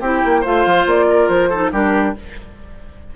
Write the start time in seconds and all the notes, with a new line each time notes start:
0.00 C4 E4 G4 G5
0.25 A#3
0.41 A3 F4 C5 F5
0.66 F3
0.86 A#3 D5
1.09 A#4
1.28 F3 C5
1.49 D#4 A4
1.72 G3 D4 G4 A#4